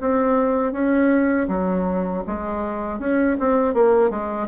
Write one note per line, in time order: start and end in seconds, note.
0.00 0.72 C4
0.72 1.47 C#4
1.48 2.23 F#3
2.26 2.99 G#3
2.99 3.36 C#4
3.39 3.74 C4
3.74 4.09 A#3
4.09 4.47 G#3